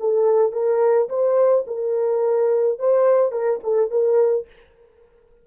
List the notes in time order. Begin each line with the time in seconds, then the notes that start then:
0.00 A4
0.53 A#4
1.09 C5
1.67 A#4
2.79 C5
3.32 A#4
3.64 A4
3.91 A#4